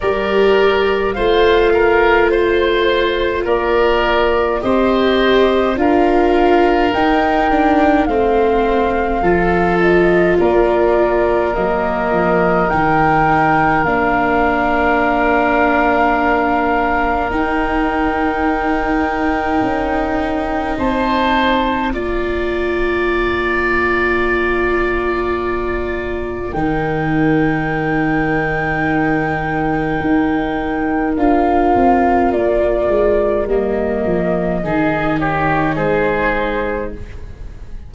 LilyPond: <<
  \new Staff \with { instrumentName = "flute" } { \time 4/4 \tempo 4 = 52 d''4 f''4 c''4 d''4 | dis''4 f''4 g''4 f''4~ | f''8 dis''8 d''4 dis''4 g''4 | f''2. g''4~ |
g''2 a''4 ais''4~ | ais''2. g''4~ | g''2. f''4 | d''4 dis''4. cis''8 c''4 | }
  \new Staff \with { instrumentName = "oboe" } { \time 4/4 ais'4 c''8 ais'8 c''4 ais'4 | c''4 ais'2 c''4 | a'4 ais'2.~ | ais'1~ |
ais'2 c''4 d''4~ | d''2. ais'4~ | ais'1~ | ais'2 gis'8 g'8 gis'4 | }
  \new Staff \with { instrumentName = "viola" } { \time 4/4 g'4 f'2. | g'4 f'4 dis'8 d'8 c'4 | f'2 ais4 dis'4 | d'2. dis'4~ |
dis'2. f'4~ | f'2. dis'4~ | dis'2. f'4~ | f'4 ais4 dis'2 | }
  \new Staff \with { instrumentName = "tuba" } { \time 4/4 g4 a2 ais4 | c'4 d'4 dis'4 a4 | f4 ais4 fis8 f8 dis4 | ais2. dis'4~ |
dis'4 cis'4 c'4 ais4~ | ais2. dis4~ | dis2 dis'4 d'8 c'8 | ais8 gis8 g8 f8 dis4 gis4 | }
>>